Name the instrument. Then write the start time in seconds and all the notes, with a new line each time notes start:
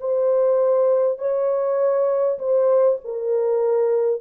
horn
0.00 C5
1.18 C#5
2.39 C5
3.04 A#4